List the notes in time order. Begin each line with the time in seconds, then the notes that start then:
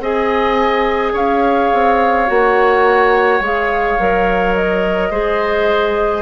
0.00 C4 G#4 D#5 G#5
1.13 C#4 C#5 F5
1.74 C4
2.27 A#3 F#4 F#5
3.41 G#3 G#4 F5
4.00 F#3 A#4
4.56 D#5
5.11 G#3 G#4 C5